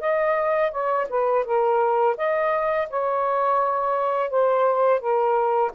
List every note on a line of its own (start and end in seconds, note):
0.00 0.71 D#5
0.71 1.07 C#5
1.09 1.45 B4
1.45 2.16 A#4
2.17 2.88 D#5
2.90 4.30 C#5
4.30 5.00 C5
5.00 5.71 A#4